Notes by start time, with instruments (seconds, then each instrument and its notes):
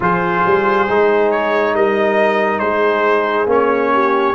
0.00 tuba F3, trombone F4, horn G#4, trumpet C5
0.46 tuba G3
0.88 tuba G#3, trombone D#4
1.31 trumpet C#5
1.73 tuba G3, horn A#4, trumpet D#5
2.59 tuba G#3, horn G#4, trumpet C5
3.46 tuba A#3, trombone C#4, trumpet C#5
3.93 horn G4